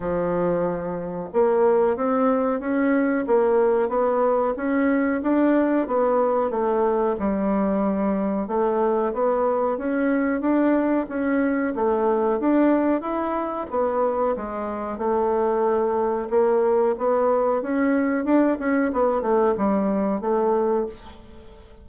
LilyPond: \new Staff \with { instrumentName = "bassoon" } { \time 4/4 \tempo 4 = 92 f2 ais4 c'4 | cis'4 ais4 b4 cis'4 | d'4 b4 a4 g4~ | g4 a4 b4 cis'4 |
d'4 cis'4 a4 d'4 | e'4 b4 gis4 a4~ | a4 ais4 b4 cis'4 | d'8 cis'8 b8 a8 g4 a4 | }